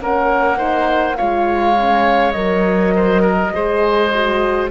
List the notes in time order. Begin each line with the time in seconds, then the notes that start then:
0.00 A#3 C#4 A#4 F#5
0.56 D#4 C5
1.16 G#3 F4 C#5 F5
1.76 C#4
2.31 F#3 A#4 D#5
2.95 C5
3.21 A#4
3.52 G#3 G#4 C5
4.14 F#4